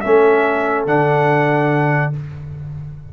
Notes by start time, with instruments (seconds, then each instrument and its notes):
0.00 tuba A3, trombone C#4, horn A4, trumpet E5
0.85 tuba D3, trombone D4, trumpet F#5